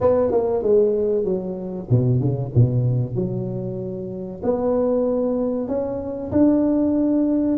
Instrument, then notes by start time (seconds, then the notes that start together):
tuba
0.00 B3
0.31 A#3
0.63 G#3
1.24 F#3
1.89 B2
2.20 C#3
2.54 B2
3.15 F#3
4.43 B3
5.68 C#4
6.31 D4